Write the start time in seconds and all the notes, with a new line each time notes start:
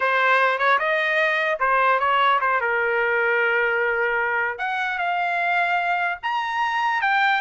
0.00 C5
0.58 C#5
0.78 D#5
1.59 C5
1.99 C#5
2.40 C5
2.60 A#4
4.58 F#5
4.98 F5
6.22 A#5
7.01 G5